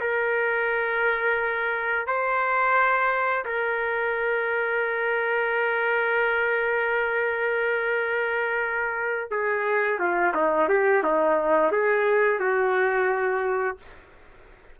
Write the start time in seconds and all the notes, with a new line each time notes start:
0.00 A#4
2.07 C5
3.45 A#4
9.31 G#4
9.99 F4
10.34 D#4
10.68 G4
11.03 D#4
11.71 G#4
12.39 F#4